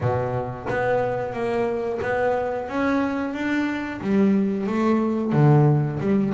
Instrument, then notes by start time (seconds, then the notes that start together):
double bass
0.01 B2
0.69 B3
1.33 A#3
2.02 B3
2.68 C#4
3.33 D4
4.01 G3
4.66 A3
5.32 D3
6.00 G3